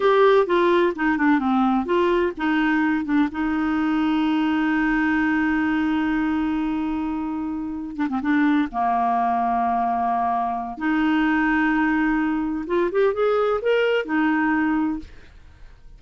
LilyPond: \new Staff \with { instrumentName = "clarinet" } { \time 4/4 \tempo 4 = 128 g'4 f'4 dis'8 d'8 c'4 | f'4 dis'4. d'8 dis'4~ | dis'1~ | dis'1~ |
dis'4 d'16 c'16 d'4 ais4.~ | ais2. dis'4~ | dis'2. f'8 g'8 | gis'4 ais'4 dis'2 | }